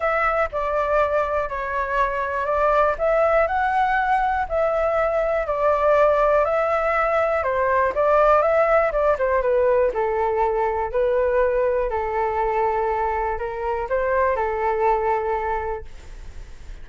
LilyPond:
\new Staff \with { instrumentName = "flute" } { \time 4/4 \tempo 4 = 121 e''4 d''2 cis''4~ | cis''4 d''4 e''4 fis''4~ | fis''4 e''2 d''4~ | d''4 e''2 c''4 |
d''4 e''4 d''8 c''8 b'4 | a'2 b'2 | a'2. ais'4 | c''4 a'2. | }